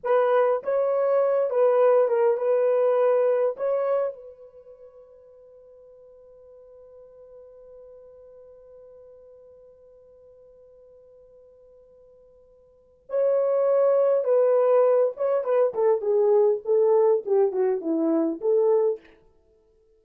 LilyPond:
\new Staff \with { instrumentName = "horn" } { \time 4/4 \tempo 4 = 101 b'4 cis''4. b'4 ais'8 | b'2 cis''4 b'4~ | b'1~ | b'1~ |
b'1~ | b'2 cis''2 | b'4. cis''8 b'8 a'8 gis'4 | a'4 g'8 fis'8 e'4 a'4 | }